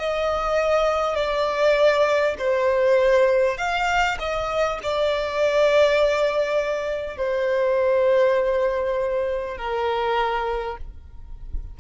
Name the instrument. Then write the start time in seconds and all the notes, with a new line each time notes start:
violin
0.00 D#5
1.16 D5
2.39 C5
3.58 F5
4.19 D#5
4.83 D5
7.18 C5
9.58 A#4